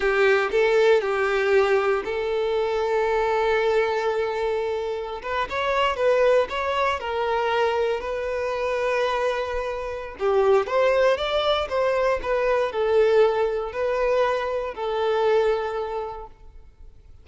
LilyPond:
\new Staff \with { instrumentName = "violin" } { \time 4/4 \tempo 4 = 118 g'4 a'4 g'2 | a'1~ | a'2~ a'16 b'8 cis''4 b'16~ | b'8. cis''4 ais'2 b'16~ |
b'1 | g'4 c''4 d''4 c''4 | b'4 a'2 b'4~ | b'4 a'2. | }